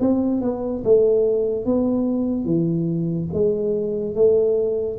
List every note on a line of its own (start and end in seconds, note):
0.00 0.42 C4
0.42 0.83 B3
0.84 1.65 A3
1.65 2.45 B3
2.45 3.28 E3
3.33 4.15 G#3
4.15 4.98 A3